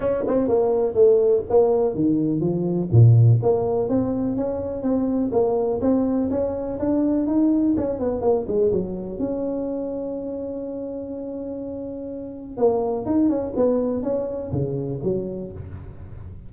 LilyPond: \new Staff \with { instrumentName = "tuba" } { \time 4/4 \tempo 4 = 124 cis'8 c'8 ais4 a4 ais4 | dis4 f4 ais,4 ais4 | c'4 cis'4 c'4 ais4 | c'4 cis'4 d'4 dis'4 |
cis'8 b8 ais8 gis8 fis4 cis'4~ | cis'1~ | cis'2 ais4 dis'8 cis'8 | b4 cis'4 cis4 fis4 | }